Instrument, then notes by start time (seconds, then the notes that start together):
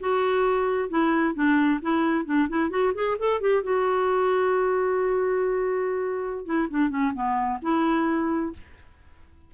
clarinet
0.00 F#4
0.89 E4
1.35 D4
1.82 E4
2.25 D4
2.49 E4
2.70 F#4
2.95 G#4
3.19 A4
3.41 G4
3.63 F#4
6.45 E4
6.70 D4
6.90 C#4
7.14 B3
7.62 E4